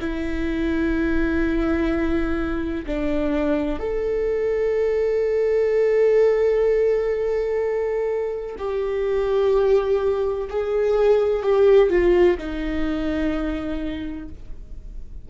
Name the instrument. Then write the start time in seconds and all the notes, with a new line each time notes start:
viola
0.00 E4
2.87 D4
3.80 A4
8.58 G4
10.50 G#4
11.43 G4
11.90 F4
12.39 D#4